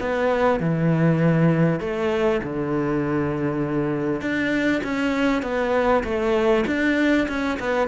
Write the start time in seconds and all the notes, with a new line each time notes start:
0.00 B3
0.60 E3
1.80 A3
2.43 D3
4.21 D4
4.83 C#4
5.42 B3
6.04 A3
6.67 D4
7.28 C#4
7.60 B3